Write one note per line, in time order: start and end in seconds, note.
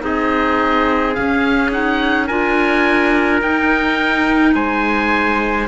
0.00 1.15 C4
0.00 1.13 D#4
0.00 2.26 G#4
0.00 1.14 D#5
1.14 1.71 C#4
1.14 2.30 C#4
1.14 1.71 F5
1.71 2.28 D#4
1.71 2.27 F#5
2.26 3.42 D4
2.26 3.43 F4
2.26 4.53 A#4
2.26 3.40 G#5
3.42 4.55 D#4
3.42 5.67 D#4
3.42 4.54 G5
4.54 5.67 G#3
4.54 5.67 C5
4.54 5.67 G#5